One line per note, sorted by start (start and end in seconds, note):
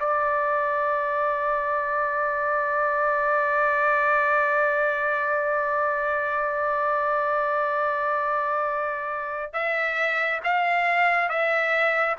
0.00 9.53 D5
9.53 10.40 E5
10.44 11.29 F5
11.29 12.16 E5